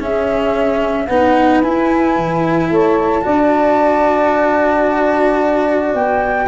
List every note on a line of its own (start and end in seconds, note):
0.00 1.08 C#4
0.00 1.09 C#4
0.00 1.07 G#4
0.00 1.07 E5
1.07 1.62 B3
1.07 1.64 D#4
1.07 2.69 B4
1.07 1.61 F#5
1.62 2.16 E4
1.62 3.22 E4
1.62 2.71 G#5
2.16 2.70 E3
2.71 3.25 A3
2.71 3.24 C#5
2.71 5.95 A5
3.22 5.94 D4
3.22 6.46 F#4
3.22 6.48 D5
5.94 6.48 B3
5.94 6.48 G5